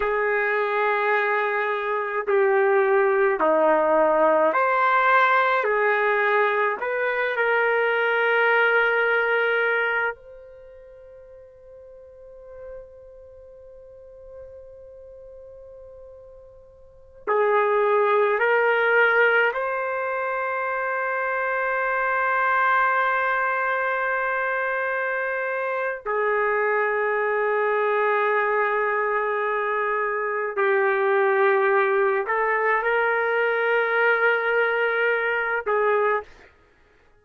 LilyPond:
\new Staff \with { instrumentName = "trumpet" } { \time 4/4 \tempo 4 = 53 gis'2 g'4 dis'4 | c''4 gis'4 b'8 ais'4.~ | ais'4 c''2.~ | c''2.~ c''16 gis'8.~ |
gis'16 ais'4 c''2~ c''8.~ | c''2. gis'4~ | gis'2. g'4~ | g'8 a'8 ais'2~ ais'8 gis'8 | }